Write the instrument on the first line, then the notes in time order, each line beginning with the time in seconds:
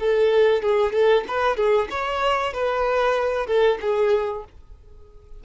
violin
0.00 A4
0.62 G#4
0.93 A4
1.28 B4
1.57 G#4
1.91 C#5
2.53 B4
3.47 A4
3.81 G#4